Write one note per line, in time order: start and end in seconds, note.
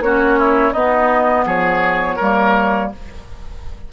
0.00 0.72 A#3
0.00 0.75 C#4
0.00 0.39 F#4
0.00 0.73 C#5
0.39 0.73 E4
0.73 1.45 B3
0.73 2.20 B3
0.73 1.45 D#4
0.73 1.45 D#5
1.45 2.18 F3
1.45 2.16 G#4
1.45 2.92 C#5
2.16 2.92 G3
2.16 2.92 A#3
2.16 2.88 A#4